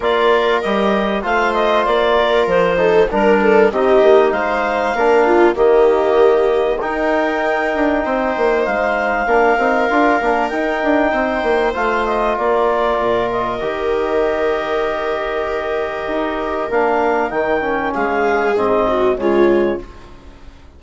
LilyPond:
<<
  \new Staff \with { instrumentName = "clarinet" } { \time 4/4 \tempo 4 = 97 d''4 dis''4 f''8 dis''8 d''4 | c''4 ais'4 dis''4 f''4~ | f''4 dis''2 g''4~ | g''2 f''2~ |
f''4 g''2 f''8 dis''8 | d''4. dis''2~ dis''8~ | dis''2. f''4 | g''4 f''4 dis''4 cis''4 | }
  \new Staff \with { instrumentName = "viola" } { \time 4/4 ais'2 c''4. ais'8~ | ais'8 a'8 ais'8 a'8 g'4 c''4 | ais'8 f'8 g'2 ais'4~ | ais'4 c''2 ais'4~ |
ais'2 c''2 | ais'1~ | ais'1~ | ais'4 gis'4. fis'8 f'4 | }
  \new Staff \with { instrumentName = "trombone" } { \time 4/4 f'4 g'4 f'2~ | f'8 dis'8 d'4 dis'2 | d'4 ais2 dis'4~ | dis'2. d'8 dis'8 |
f'8 d'8 dis'2 f'4~ | f'2 g'2~ | g'2. d'4 | dis'8 cis'4. c'4 gis4 | }
  \new Staff \with { instrumentName = "bassoon" } { \time 4/4 ais4 g4 a4 ais4 | f4 g4 c'8 ais8 gis4 | ais4 dis2 dis'4~ | dis'8 d'8 c'8 ais8 gis4 ais8 c'8 |
d'8 ais8 dis'8 d'8 c'8 ais8 a4 | ais4 ais,4 dis2~ | dis2 dis'4 ais4 | dis4 gis4 gis,4 cis4 | }
>>